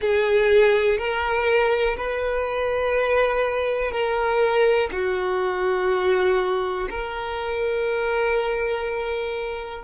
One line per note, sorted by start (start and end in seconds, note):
0.00 0.97 G#4
0.97 1.96 A#4
1.96 3.91 B4
3.91 4.89 A#4
4.92 6.89 F#4
6.89 9.84 A#4